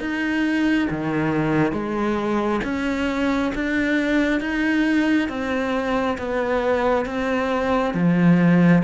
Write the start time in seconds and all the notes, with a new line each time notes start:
0.00 D#4
0.90 D#3
1.72 G#3
2.64 C#4
3.55 D4
4.40 D#4
5.29 C4
6.18 B3
7.06 C4
7.94 F3